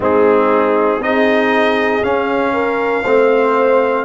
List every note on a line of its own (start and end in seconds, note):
0.00 0.98 G#3
0.00 1.01 C4
0.00 1.01 D#4
0.00 1.02 G#4
0.98 2.00 C4
0.98 2.02 D#4
0.98 2.53 G#4
0.98 2.03 D#5
2.02 3.04 C#4
2.02 4.04 F5
2.53 3.03 A#4
3.03 4.04 A3
3.03 4.04 C4
3.03 4.04 C5